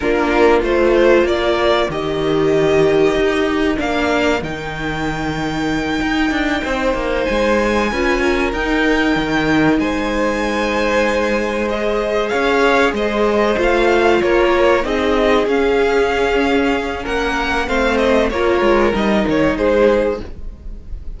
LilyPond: <<
  \new Staff \with { instrumentName = "violin" } { \time 4/4 \tempo 4 = 95 ais'4 c''4 d''4 dis''4~ | dis''2 f''4 g''4~ | g''2.~ g''8 gis''8~ | gis''4. g''2 gis''8~ |
gis''2~ gis''8 dis''4 f''8~ | f''8 dis''4 f''4 cis''4 dis''8~ | dis''8 f''2~ f''8 fis''4 | f''8 dis''8 cis''4 dis''8 cis''8 c''4 | }
  \new Staff \with { instrumentName = "violin" } { \time 4/4 f'2 ais'2~ | ais'1~ | ais'2~ ais'8 c''4.~ | c''8 b'8 ais'2~ ais'8 c''8~ |
c''2.~ c''8 cis''8~ | cis''8 c''2 ais'4 gis'8~ | gis'2. ais'4 | c''4 ais'2 gis'4 | }
  \new Staff \with { instrumentName = "viola" } { \time 4/4 d'4 f'2 g'4~ | g'2 d'4 dis'4~ | dis'1~ | dis'8 f'4 dis'2~ dis'8~ |
dis'2~ dis'8 gis'4.~ | gis'4. f'2 dis'8~ | dis'8 cis'2.~ cis'8 | c'4 f'4 dis'2 | }
  \new Staff \with { instrumentName = "cello" } { \time 4/4 ais4 a4 ais4 dis4~ | dis4 dis'4 ais4 dis4~ | dis4. dis'8 d'8 c'8 ais8 gis8~ | gis8 cis'4 dis'4 dis4 gis8~ |
gis2.~ gis8 cis'8~ | cis'8 gis4 a4 ais4 c'8~ | c'8 cis'2~ cis'8 ais4 | a4 ais8 gis8 g8 dis8 gis4 | }
>>